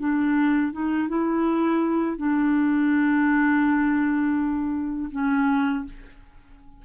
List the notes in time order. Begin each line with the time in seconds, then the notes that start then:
0.00 D4
0.73 D#4
1.09 E4
2.18 D4
5.12 C#4